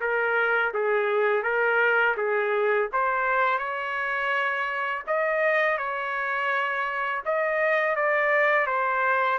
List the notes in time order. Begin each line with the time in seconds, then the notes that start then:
0.00 A#4
0.73 G#4
1.43 A#4
2.17 G#4
2.92 C5
3.58 C#5
5.07 D#5
5.77 C#5
7.25 D#5
7.96 D5
8.66 C5